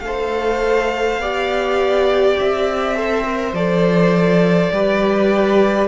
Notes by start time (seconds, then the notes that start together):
0.00 A3 A4 F5
0.06 C5
1.18 B3 G4 D5
2.39 C4 E5
2.95 A4 C5
3.25 A#4
3.53 F3 A4 D5
4.72 G3 G4 B4